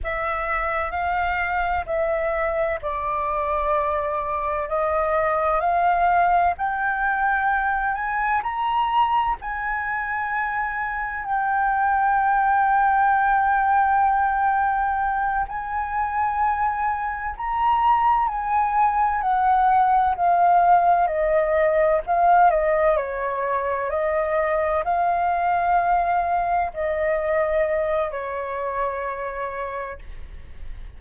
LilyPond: \new Staff \with { instrumentName = "flute" } { \time 4/4 \tempo 4 = 64 e''4 f''4 e''4 d''4~ | d''4 dis''4 f''4 g''4~ | g''8 gis''8 ais''4 gis''2 | g''1~ |
g''8 gis''2 ais''4 gis''8~ | gis''8 fis''4 f''4 dis''4 f''8 | dis''8 cis''4 dis''4 f''4.~ | f''8 dis''4. cis''2 | }